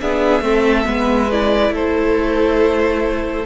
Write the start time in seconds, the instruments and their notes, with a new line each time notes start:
0.00 cello B3, viola D4, violin G#4 E5
0.41 cello A3, viola C4, violin A4
0.85 cello G#3, viola B3, violin B4
1.30 viola E4, violin D5
1.70 cello A3, violin A4 C5